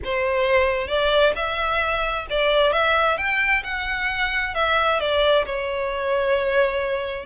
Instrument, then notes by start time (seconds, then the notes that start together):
violin
0.04 C5
0.87 D5
1.35 E5
2.30 D5
2.72 E5
3.17 G5
3.63 F#5
4.54 E5
4.99 D5
5.45 C#5